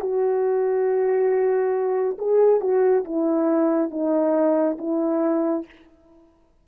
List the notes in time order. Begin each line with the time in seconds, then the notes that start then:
0.00 F#4
2.18 G#4
2.60 F#4
3.05 E4
3.91 D#4
4.78 E4